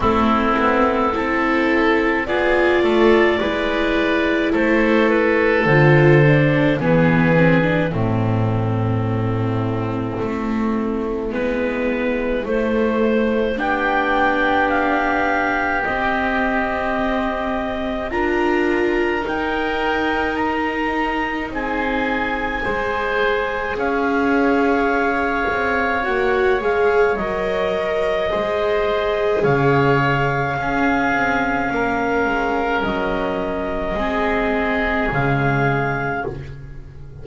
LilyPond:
<<
  \new Staff \with { instrumentName = "clarinet" } { \time 4/4 \tempo 4 = 53 a'2 d''2 | c''8 b'8 c''4 b'4 a'4~ | a'2 b'4 c''4 | g''4 f''4 dis''2 |
ais''4 g''4 ais''4 gis''4~ | gis''4 f''2 fis''8 f''8 | dis''2 f''2~ | f''4 dis''2 f''4 | }
  \new Staff \with { instrumentName = "oboe" } { \time 4/4 e'4 a'4 gis'8 a'8 b'4 | a'2 gis'4 e'4~ | e'1 | g'1 |
ais'2. gis'4 | c''4 cis''2.~ | cis''4 c''4 cis''4 gis'4 | ais'2 gis'2 | }
  \new Staff \with { instrumentName = "viola" } { \time 4/4 c'4 e'4 f'4 e'4~ | e'4 f'8 d'8 b8 c'16 d'16 c'4~ | c'2 b4 a4 | d'2 c'2 |
f'4 dis'2. | gis'2. fis'8 gis'8 | ais'4 gis'2 cis'4~ | cis'2 c'4 gis4 | }
  \new Staff \with { instrumentName = "double bass" } { \time 4/4 a8 b8 c'4 b8 a8 gis4 | a4 d4 e4 a,4~ | a,4 a4 gis4 a4 | b2 c'2 |
d'4 dis'2 c'4 | gis4 cis'4. c'8 ais8 gis8 | fis4 gis4 cis4 cis'8 c'8 | ais8 gis8 fis4 gis4 cis4 | }
>>